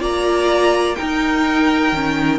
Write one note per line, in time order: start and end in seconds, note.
0.00 0.96 A#3
0.00 0.96 F4
0.00 0.97 D5
0.00 0.95 A#5
0.95 1.93 D#4
0.95 2.39 A#4
0.95 2.39 G5
1.93 2.39 D#3
1.93 2.39 C#4